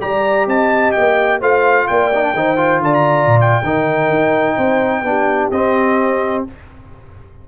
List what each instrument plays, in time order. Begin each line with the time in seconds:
0.00 tuba G3, trombone G4, horn D5, trumpet A#5
0.46 tuba C4, horn D#5, trumpet A5
0.91 tuba A#3, trumpet G5
1.39 tuba A3, trombone F4, horn C5, trumpet F5
1.87 tuba A#3, horn D5, trumpet G5
2.14 trombone D#4
2.22 trombone D4
2.33 tuba D#3, trombone D#4, horn C5
2.56 trombone F4
2.79 tuba D3, horn D5, trumpet A5
2.93 trumpet A#5
3.26 tuba A#2
3.40 trumpet G5
3.63 tuba D#3, trombone D#4, horn A#4
4.09 tuba D#4
4.55 tuba C4, horn C5
5.02 tuba B3, trombone D4, horn G4
5.51 tuba C4, trombone C4, trumpet D#5